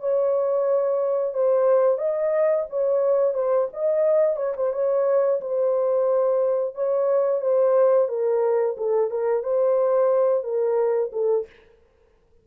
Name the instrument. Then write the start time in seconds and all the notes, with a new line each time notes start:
horn
0.00 C#5
1.33 C5
1.98 D#5
2.69 C#5
3.34 C5
3.73 D#5
4.36 C#5
4.56 C5
4.73 C#5
5.41 C5
6.74 C#5
7.41 C5
8.08 A#4
8.77 A4
9.10 A#4
9.43 C5
10.43 A#4
11.12 A4